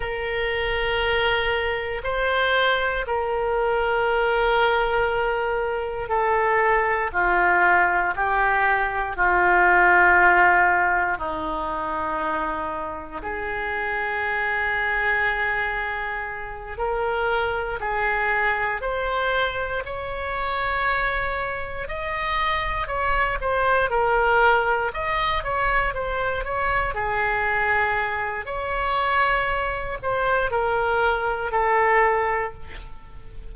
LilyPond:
\new Staff \with { instrumentName = "oboe" } { \time 4/4 \tempo 4 = 59 ais'2 c''4 ais'4~ | ais'2 a'4 f'4 | g'4 f'2 dis'4~ | dis'4 gis'2.~ |
gis'8 ais'4 gis'4 c''4 cis''8~ | cis''4. dis''4 cis''8 c''8 ais'8~ | ais'8 dis''8 cis''8 c''8 cis''8 gis'4. | cis''4. c''8 ais'4 a'4 | }